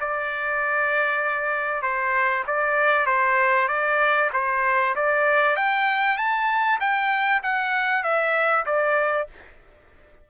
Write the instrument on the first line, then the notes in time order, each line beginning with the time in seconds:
trumpet
0.00 D5
1.82 C5
2.47 D5
3.06 C5
3.68 D5
4.33 C5
4.95 D5
5.56 G5
6.17 A5
6.80 G5
7.43 F#5
8.03 E5
8.66 D5